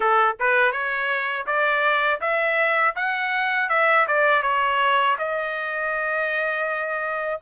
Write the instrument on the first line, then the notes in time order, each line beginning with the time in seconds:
trumpet
0.00 A4
0.39 B4
0.71 C#5
1.46 D5
2.20 E5
2.95 F#5
3.69 E5
4.07 D5
4.42 C#5
5.18 D#5